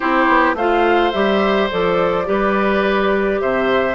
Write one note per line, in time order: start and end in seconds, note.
0.00 0.28 C4
0.00 0.56 E4
0.00 0.55 G4
0.00 0.55 C5
0.28 0.54 B3
0.54 1.11 A3
0.54 1.12 F4
0.54 2.27 C5
0.54 1.11 F5
1.11 1.71 G3
1.11 1.69 G4
1.11 1.68 E5
1.70 2.27 F3
1.70 2.25 A4
1.70 3.40 D5
2.25 3.41 G3
2.25 3.95 G4
2.25 3.41 B4
3.40 3.95 C3
3.40 3.95 C5
3.40 3.95 E5